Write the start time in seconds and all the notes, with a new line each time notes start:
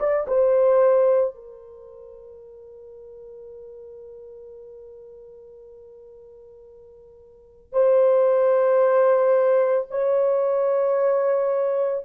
0.00 D5
0.28 C5
1.35 A#4
7.73 C5
9.91 C#5